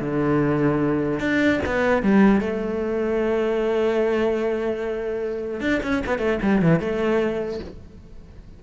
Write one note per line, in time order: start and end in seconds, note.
0.00 1.19 D3
1.19 1.59 D4
1.65 2.02 B3
2.02 2.40 G3
2.40 5.60 A3
5.60 5.80 D4
5.83 6.03 C#4
6.06 6.18 B3
6.18 6.38 A3
6.42 6.61 G3
6.61 6.79 E3
6.79 7.59 A3